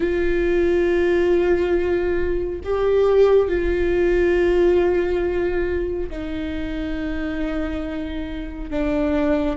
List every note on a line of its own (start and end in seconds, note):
0.00 2.60 F4
2.63 3.48 G4
3.48 6.09 F4
6.09 8.70 D#4
8.70 9.57 D4